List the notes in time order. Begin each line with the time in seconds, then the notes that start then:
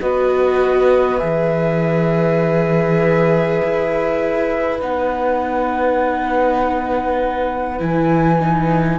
0.00 B3 F#4 B4 D#5
1.18 E3 G#4 E5
3.63 E4
4.80 B3 D#4 F#5
7.79 E3 E4 G#5
8.39 D#4